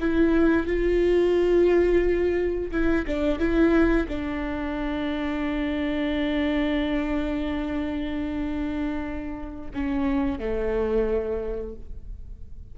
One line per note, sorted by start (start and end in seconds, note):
0.00 0.66 E4
0.66 2.71 F4
2.71 3.05 E4
3.07 3.39 D4
3.39 4.07 E4
4.08 9.70 D4
9.73 10.39 C#4
10.39 11.75 A3